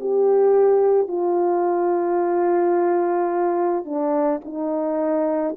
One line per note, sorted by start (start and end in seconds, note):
0.00 1.08 G4
1.08 3.85 F4
3.85 4.40 D4
4.44 5.56 D#4